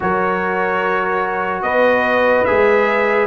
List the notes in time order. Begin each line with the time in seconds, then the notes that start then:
0.00 F#3 F#4 A#4 C#5
1.62 B3 B4 D#5
2.44 G#3 G#4 E5